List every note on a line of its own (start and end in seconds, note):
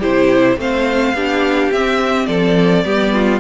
0.00 0.57 C3
0.00 0.59 E4
0.00 0.57 G4
0.00 0.59 C5
0.57 1.14 A3
0.57 1.15 C4
0.57 1.16 C5
0.57 1.73 F5
1.14 1.71 B3
1.14 1.73 D4
1.14 2.28 G4
1.73 2.28 C4
1.73 2.85 C4
1.73 2.27 E5
2.27 2.85 F3
2.27 2.85 A4
2.27 3.40 D5
2.85 3.40 G3
2.85 3.40 B3
2.85 3.14 G4
3.14 3.40 F4